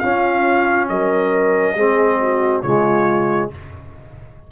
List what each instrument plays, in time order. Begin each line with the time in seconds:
0.00 trombone C#4, tuba C#4, horn F4, trumpet F5
0.89 tuba F#3, horn A#4, trumpet D#5
1.76 tuba G#3, trombone C4, horn G#4
2.21 horn F#4
2.62 tuba C#3, trombone G#3, horn F4, trumpet C#5